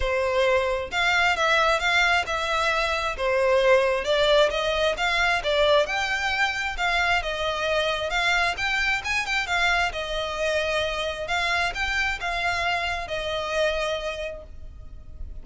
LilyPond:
\new Staff \with { instrumentName = "violin" } { \time 4/4 \tempo 4 = 133 c''2 f''4 e''4 | f''4 e''2 c''4~ | c''4 d''4 dis''4 f''4 | d''4 g''2 f''4 |
dis''2 f''4 g''4 | gis''8 g''8 f''4 dis''2~ | dis''4 f''4 g''4 f''4~ | f''4 dis''2. | }